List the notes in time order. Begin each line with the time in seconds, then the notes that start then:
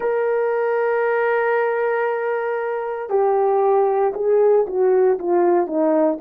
0.00 A#4
3.09 G4
4.14 G#4
4.66 F#4
5.19 F4
5.66 D#4